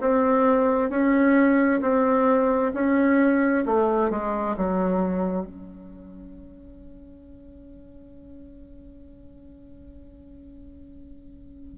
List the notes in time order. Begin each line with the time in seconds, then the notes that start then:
0.00 C4
0.90 C#4
1.81 C4
2.74 C#4
3.66 A3
4.10 G#3
4.57 F#3
5.45 C#4